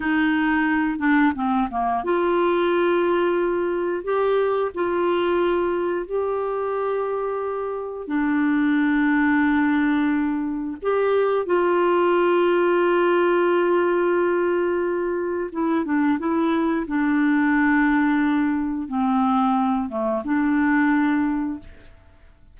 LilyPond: \new Staff \with { instrumentName = "clarinet" } { \time 4/4 \tempo 4 = 89 dis'4. d'8 c'8 ais8 f'4~ | f'2 g'4 f'4~ | f'4 g'2. | d'1 |
g'4 f'2.~ | f'2. e'8 d'8 | e'4 d'2. | c'4. a8 d'2 | }